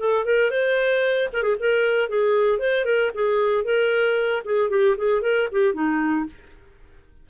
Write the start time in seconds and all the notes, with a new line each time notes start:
0.00 A4
0.26 A#4
0.51 C5
1.34 A#4
1.43 G#4
1.60 A#4
2.10 G#4
2.60 C5
2.86 A#4
3.14 G#4
3.65 A#4
4.46 G#4
4.70 G4
4.98 G#4
5.22 A#4
5.52 G4
5.74 D#4